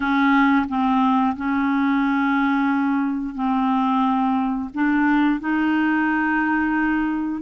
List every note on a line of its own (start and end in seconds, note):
0.00 0.66 C#4
0.68 1.36 C4
1.36 3.35 C#4
3.35 4.69 C4
4.74 5.39 D4
5.39 7.41 D#4